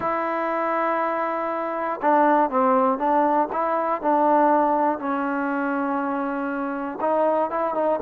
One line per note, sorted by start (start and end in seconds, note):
0.00 2.00 E4
2.01 2.50 D4
2.50 2.98 C4
2.98 3.48 D4
3.52 4.01 E4
4.01 4.98 D4
4.98 6.98 C#4
7.00 7.50 D#4
7.50 7.74 E4
7.74 7.99 D#4